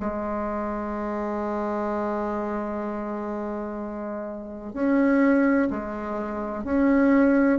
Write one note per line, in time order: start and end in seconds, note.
0.00 4.74 G#3
4.74 5.69 C#4
5.71 6.65 G#3
6.65 7.60 C#4